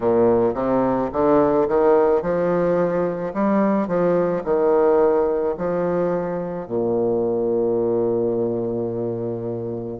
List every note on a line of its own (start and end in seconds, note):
0.00 0.54 A#2
0.54 1.10 C3
1.12 1.67 D3
1.68 2.22 D#3
2.22 3.33 F3
3.33 3.87 G3
3.87 4.42 F3
4.44 5.55 D#3
5.57 6.67 F3
6.67 9.99 A#2